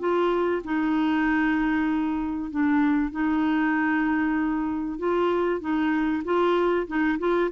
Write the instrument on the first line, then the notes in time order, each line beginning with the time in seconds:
clarinet
0.00 F4
0.64 D#4
2.51 D4
3.12 D#4
4.99 F4
5.61 D#4
6.25 F4
6.88 D#4
7.20 F4